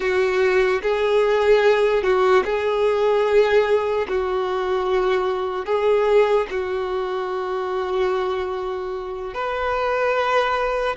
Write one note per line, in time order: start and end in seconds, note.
0.00 0.81 F#4
0.82 2.03 G#4
2.03 2.43 F#4
2.45 4.07 G#4
4.08 5.65 F#4
5.65 6.46 G#4
6.50 9.34 F#4
9.34 10.96 B4